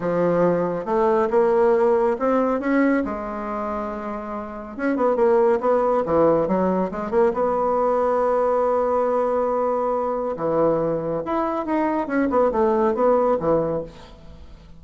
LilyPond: \new Staff \with { instrumentName = "bassoon" } { \time 4/4 \tempo 4 = 139 f2 a4 ais4~ | ais4 c'4 cis'4 gis4~ | gis2. cis'8 b8 | ais4 b4 e4 fis4 |
gis8 ais8 b2.~ | b1 | e2 e'4 dis'4 | cis'8 b8 a4 b4 e4 | }